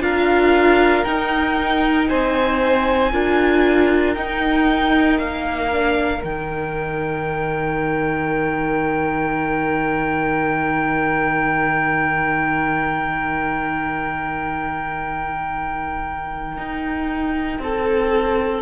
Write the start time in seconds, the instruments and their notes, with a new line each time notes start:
0.00 cello D4, viola F4, violin A#4 F5
1.04 cello D#4, viola D#4, violin G5
2.08 cello C4, violin C5 G#5
3.12 cello D4, viola F4, violin A#4
4.14 cello D#4, viola D#4, violin G5
5.19 cello A#3, violin F5
5.72 viola D4
6.22 cello D#3, viola D#4, violin G5
16.58 cello D#4
17.59 cello C4, violin A4